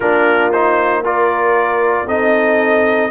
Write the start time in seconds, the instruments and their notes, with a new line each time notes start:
0.00 tuba A#3, trombone D4, horn F4, trumpet A#4
0.52 trombone D#4, trumpet C5
1.03 trombone F4, horn A#4, trumpet D5
2.07 tuba C4, trombone D#4, horn A4, trumpet D#5